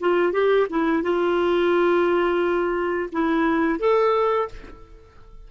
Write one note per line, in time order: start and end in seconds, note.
0.00 0.33 F4
0.33 0.67 G4
0.70 1.03 E4
1.03 3.10 F4
3.12 3.79 E4
3.79 4.48 A4